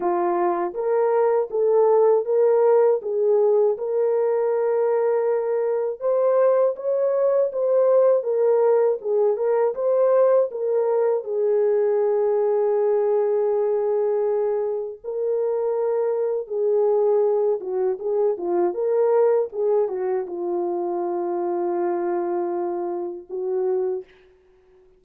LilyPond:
\new Staff \with { instrumentName = "horn" } { \time 4/4 \tempo 4 = 80 f'4 ais'4 a'4 ais'4 | gis'4 ais'2. | c''4 cis''4 c''4 ais'4 | gis'8 ais'8 c''4 ais'4 gis'4~ |
gis'1 | ais'2 gis'4. fis'8 | gis'8 f'8 ais'4 gis'8 fis'8 f'4~ | f'2. fis'4 | }